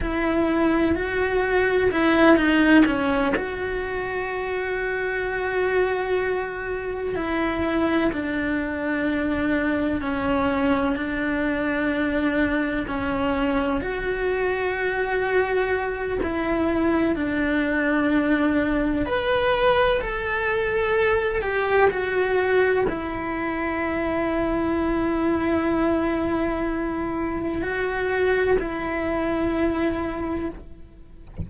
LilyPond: \new Staff \with { instrumentName = "cello" } { \time 4/4 \tempo 4 = 63 e'4 fis'4 e'8 dis'8 cis'8 fis'8~ | fis'2.~ fis'8 e'8~ | e'8 d'2 cis'4 d'8~ | d'4. cis'4 fis'4.~ |
fis'4 e'4 d'2 | b'4 a'4. g'8 fis'4 | e'1~ | e'4 fis'4 e'2 | }